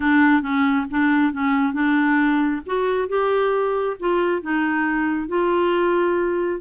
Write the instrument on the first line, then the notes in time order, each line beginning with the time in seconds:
clarinet
0.00 D4
0.42 C#4
0.90 D4
1.32 C#4
1.73 D4
2.66 F#4
3.08 G4
3.99 F4
4.42 D#4
5.28 F4